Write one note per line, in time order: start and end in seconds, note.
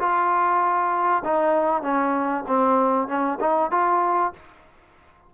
0.00 1.24 F4
1.25 1.83 D#4
1.83 2.45 C#4
2.48 3.08 C4
3.08 3.39 C#4
3.41 3.71 D#4
3.71 4.33 F4